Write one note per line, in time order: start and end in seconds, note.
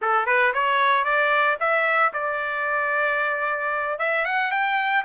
0.01 0.26 A4
0.26 0.52 B4
0.53 1.04 C#5
1.04 1.57 D5
1.59 2.12 E5
2.13 3.98 D5
3.98 4.25 E5
4.25 4.51 F#5
4.51 5.04 G5